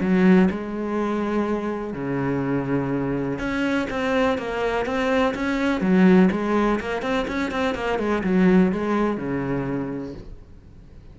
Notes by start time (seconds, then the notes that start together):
0.00 F#3
0.50 G#3
1.93 C#3
3.38 C#4
3.90 C4
4.38 A#3
4.85 C4
5.34 C#4
5.80 F#3
6.31 G#3
6.79 A#3
7.01 C4
7.27 C#4
7.51 C4
7.74 A#3
7.98 G#3
8.23 F#3
8.71 G#3
9.17 C#3